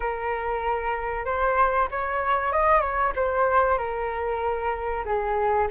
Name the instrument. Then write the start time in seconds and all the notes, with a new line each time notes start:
flute
0.00 A#4
1.25 C5
1.91 C#5
2.52 D#5
2.80 C#5
3.15 C5
3.78 A#4
5.05 G#4